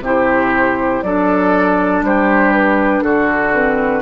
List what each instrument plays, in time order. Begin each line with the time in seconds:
0.00 bassoon C3, clarinet E4, oboe G4
0.06 flute C5
1.03 bassoon F#3, clarinet D4, oboe A4, flute D5
2.02 bassoon G3, oboe G4, flute C5
2.54 flute B4
3.02 bassoon D3, oboe F#4, flute A4
3.53 clarinet C4, flute B4